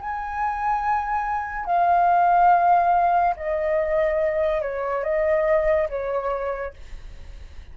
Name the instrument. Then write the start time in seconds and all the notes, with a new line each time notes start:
flute
0.00 G#5
1.66 F5
3.36 D#5
4.62 C#5
5.04 D#5
5.89 C#5